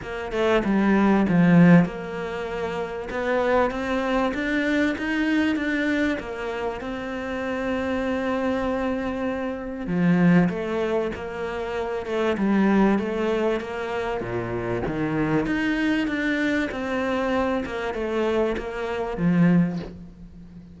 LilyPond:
\new Staff \with { instrumentName = "cello" } { \time 4/4 \tempo 4 = 97 ais8 a8 g4 f4 ais4~ | ais4 b4 c'4 d'4 | dis'4 d'4 ais4 c'4~ | c'1 |
f4 a4 ais4. a8 | g4 a4 ais4 ais,4 | dis4 dis'4 d'4 c'4~ | c'8 ais8 a4 ais4 f4 | }